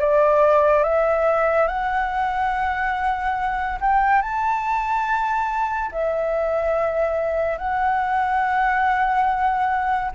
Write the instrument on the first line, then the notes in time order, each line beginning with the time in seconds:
flute
0.00 D5
0.83 E5
1.67 F#5
3.81 G5
4.22 A5
5.92 E5
7.58 F#5